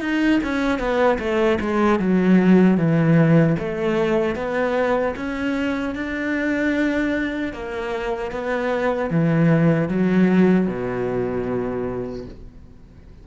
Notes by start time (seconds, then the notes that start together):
0.00 D#4
0.43 C#4
0.79 B3
1.19 A3
1.60 G#3
1.99 F#3
2.77 E3
3.59 A3
4.35 B3
5.16 C#4
5.95 D4
7.53 A#3
8.31 B3
9.10 E3
9.89 F#3
10.67 B2